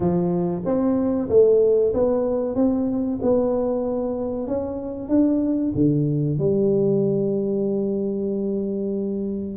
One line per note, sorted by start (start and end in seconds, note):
0.00 0.62 F3
0.65 1.29 C4
1.29 1.93 A3
1.93 2.55 B3
2.55 3.19 C4
3.21 4.47 B3
4.47 5.08 C#4
5.08 5.72 D4
5.74 6.38 D3
6.38 9.57 G3